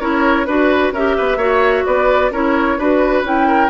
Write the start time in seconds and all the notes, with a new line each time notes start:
0.00 C#4 E4 A#4 C#5
0.45 D4 F#4 B4
0.92 C#4 G4 A#4 E5
1.17 B3 B4
1.37 A#3 F#4 C#5
1.86 B3 B4 D5
2.31 C#4 E4 A#4 C#5
2.78 D4 F#4 B4
3.23 C#4 E4 G5
3.48 A#4